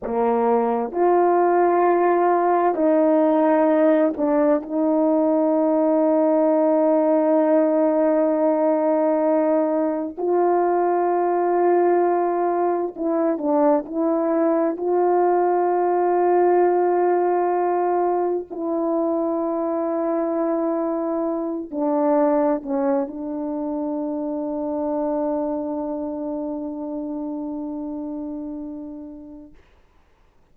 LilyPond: \new Staff \with { instrumentName = "horn" } { \time 4/4 \tempo 4 = 65 ais4 f'2 dis'4~ | dis'8 d'8 dis'2.~ | dis'2. f'4~ | f'2 e'8 d'8 e'4 |
f'1 | e'2.~ e'8 d'8~ | d'8 cis'8 d'2.~ | d'1 | }